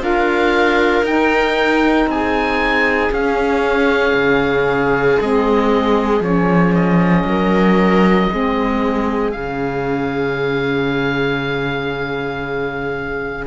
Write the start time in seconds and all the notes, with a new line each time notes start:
0.00 D4 F4 A#4 F5
1.02 D#4 G5
2.06 C4 G#4 G#5
3.11 C#4 F5
4.14 C#3
5.20 G#3 C4 D#5
6.20 F3 C#4 C#5
6.75 D#5
7.25 F#3 A#4
8.30 G#3 C4 G#4
9.31 C#3 C#4 F5